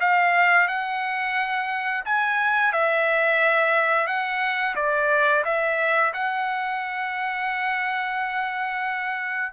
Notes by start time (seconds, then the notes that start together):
0.00 F5
0.68 F#5
2.05 G#5
2.72 E5
4.07 F#5
4.75 D5
5.44 E5
6.13 F#5